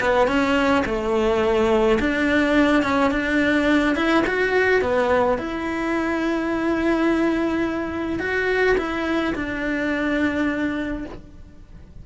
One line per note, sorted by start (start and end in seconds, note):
0.00 0.27 B3
0.27 0.84 C#4
0.85 1.99 A3
2.00 2.83 D4
2.83 3.11 C#4
3.11 3.96 D4
3.96 4.24 E4
4.26 4.81 F#4
4.81 5.38 B3
5.38 8.19 E4
8.19 8.76 F#4
8.77 9.34 E4
9.35 11.05 D4